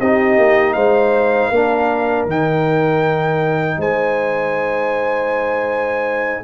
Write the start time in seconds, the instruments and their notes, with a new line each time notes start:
0.00 tuba C4, trombone D#4, horn G4, trumpet D#5
0.38 tuba A#3
0.73 tuba G#3, horn C5, trumpet F5
1.48 tuba A#3, trombone D4, horn A#4
2.26 tuba D#3, trombone D#4, trumpet G5
3.78 tuba G#3, horn C5, trumpet G#5